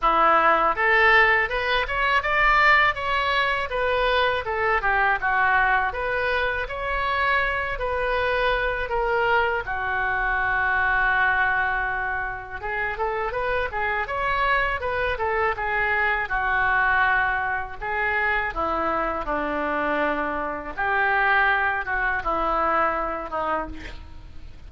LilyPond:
\new Staff \with { instrumentName = "oboe" } { \time 4/4 \tempo 4 = 81 e'4 a'4 b'8 cis''8 d''4 | cis''4 b'4 a'8 g'8 fis'4 | b'4 cis''4. b'4. | ais'4 fis'2.~ |
fis'4 gis'8 a'8 b'8 gis'8 cis''4 | b'8 a'8 gis'4 fis'2 | gis'4 e'4 d'2 | g'4. fis'8 e'4. dis'8 | }